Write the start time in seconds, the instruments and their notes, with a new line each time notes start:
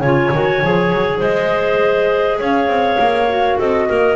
0.00 double bass C#3, clarinet F4 C#5, flute G#5
0.32 double bass D#3, clarinet F#4
0.63 double bass F3, clarinet G#4
0.93 double bass F#3
1.19 double bass G#3, clarinet C5, flute D#5
2.39 double bass C#4, clarinet C#5, flute F5
2.68 double bass C4
3.00 double bass A#3
3.29 clarinet F#4
3.58 double bass C4, clarinet A4, flute D#5
3.88 double bass A#3, clarinet A#4